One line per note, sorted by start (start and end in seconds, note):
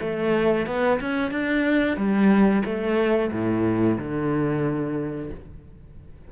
0.00 0.66 A3
0.66 0.99 B3
1.00 1.31 C#4
1.31 1.97 D4
1.97 2.63 G3
2.65 3.31 A3
3.31 3.97 A2
3.98 5.30 D3